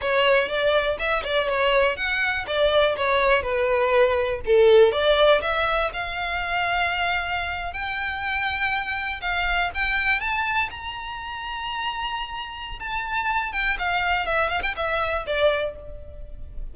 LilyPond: \new Staff \with { instrumentName = "violin" } { \time 4/4 \tempo 4 = 122 cis''4 d''4 e''8 d''8 cis''4 | fis''4 d''4 cis''4 b'4~ | b'4 a'4 d''4 e''4 | f''2.~ f''8. g''16~ |
g''2~ g''8. f''4 g''16~ | g''8. a''4 ais''2~ ais''16~ | ais''2 a''4. g''8 | f''4 e''8 f''16 g''16 e''4 d''4 | }